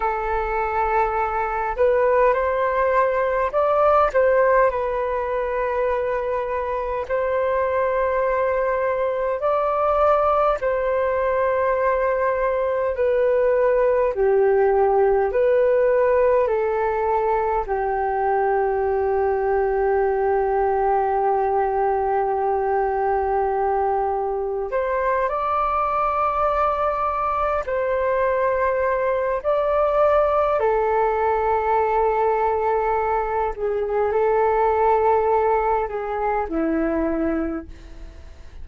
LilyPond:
\new Staff \with { instrumentName = "flute" } { \time 4/4 \tempo 4 = 51 a'4. b'8 c''4 d''8 c''8 | b'2 c''2 | d''4 c''2 b'4 | g'4 b'4 a'4 g'4~ |
g'1~ | g'4 c''8 d''2 c''8~ | c''4 d''4 a'2~ | a'8 gis'8 a'4. gis'8 e'4 | }